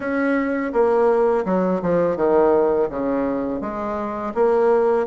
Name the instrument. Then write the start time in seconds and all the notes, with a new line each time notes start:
bassoon
0.00 C#4
0.72 A#3
1.45 F#3
1.82 F3
2.16 D#3
2.89 C#3
3.60 G#3
4.34 A#3